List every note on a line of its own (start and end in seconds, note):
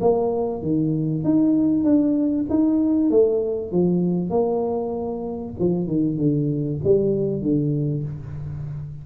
0.00 0.62 A#3
0.62 1.24 D#3
1.24 1.84 D#4
1.84 2.45 D4
2.50 3.10 D#4
3.10 3.71 A3
3.71 4.30 F3
4.30 5.54 A#3
5.59 5.87 F3
5.87 6.17 D#3
6.17 6.79 D3
6.84 7.42 G3
7.42 8.04 D3